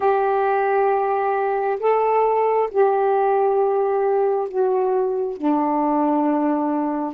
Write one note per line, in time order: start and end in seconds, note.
0.00 1.79 G4
1.79 2.69 A4
2.71 4.48 G4
4.48 5.37 F#4
5.37 7.14 D4